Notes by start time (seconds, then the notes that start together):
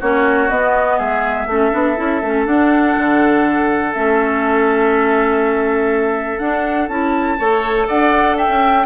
0.00 A#3 C#4 F#4 C#5
0.49 B3 D#5
0.97 G#3 G#4 E5
1.47 A3 C#4 A4
1.71 B3 D4
1.96 C#4 E4
2.22 A3 C#4
2.45 D4 F#5
2.97 D3
3.93 A3 C#4 E5
6.38 D4 F#5
6.88 C#4 E4 A5
7.38 A3 A4 C#5
7.87 D4 D5 F#5
8.37 E5 G5
8.48 C#4